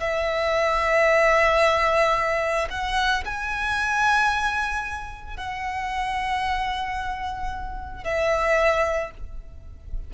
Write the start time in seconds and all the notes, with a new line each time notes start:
0.00 E5
2.70 F#5
3.25 G#5
5.37 F#5
8.04 E5